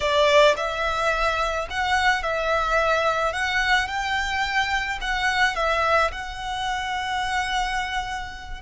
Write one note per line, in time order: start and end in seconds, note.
0.00 0.54 D5
0.57 1.68 E5
1.70 2.22 F#5
2.22 3.32 E5
3.32 3.87 F#5
3.87 4.98 G5
5.01 5.55 F#5
5.55 6.11 E5
6.11 8.61 F#5